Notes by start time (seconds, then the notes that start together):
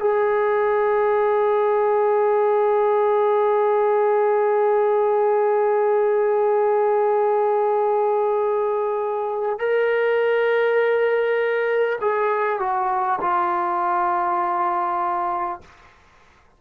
0.00 G#4
9.59 A#4
12.01 G#4
12.59 F#4
13.21 F4